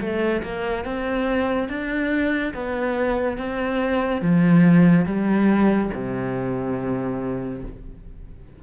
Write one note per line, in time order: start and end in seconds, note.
0.00 0.42 A3
0.43 0.85 A#3
0.85 1.69 C4
1.69 2.54 D4
2.54 3.38 B3
3.38 4.21 C4
4.21 5.06 F3
5.06 5.90 G3
5.94 7.63 C3